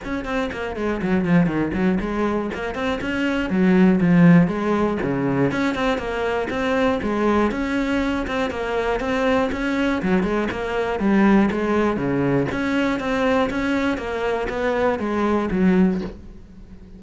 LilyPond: \new Staff \with { instrumentName = "cello" } { \time 4/4 \tempo 4 = 120 cis'8 c'8 ais8 gis8 fis8 f8 dis8 fis8 | gis4 ais8 c'8 cis'4 fis4 | f4 gis4 cis4 cis'8 c'8 | ais4 c'4 gis4 cis'4~ |
cis'8 c'8 ais4 c'4 cis'4 | fis8 gis8 ais4 g4 gis4 | cis4 cis'4 c'4 cis'4 | ais4 b4 gis4 fis4 | }